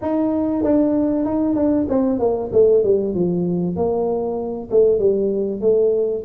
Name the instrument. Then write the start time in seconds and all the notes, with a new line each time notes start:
tuba
0.01 D#4
0.63 D4
1.25 D#4
1.55 D4
1.88 C4
2.19 A#3
2.52 A3
2.83 G3
3.14 F3
3.76 A#3
4.70 A3
4.99 G3
5.61 A3